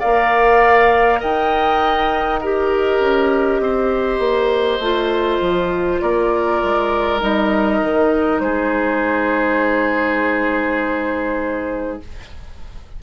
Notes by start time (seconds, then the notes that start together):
0.00 A#3 A#4 D5 F5
1.20 D#4 D#5 G5
2.41 G4 A#4 D#5
3.00 C#4
3.60 C4 C5
4.19 A#3
4.79 A3 F4
5.41 F3
6.01 A#3 A#4 D5
6.63 G#3
7.20 G3 D#4 D#5
7.82 D#3
8.40 G#3 G#4 C5